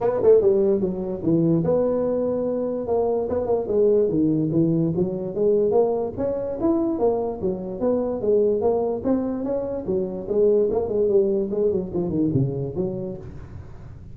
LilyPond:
\new Staff \with { instrumentName = "tuba" } { \time 4/4 \tempo 4 = 146 b8 a8 g4 fis4 e4 | b2. ais4 | b8 ais8 gis4 dis4 e4 | fis4 gis4 ais4 cis'4 |
e'4 ais4 fis4 b4 | gis4 ais4 c'4 cis'4 | fis4 gis4 ais8 gis8 g4 | gis8 fis8 f8 dis8 cis4 fis4 | }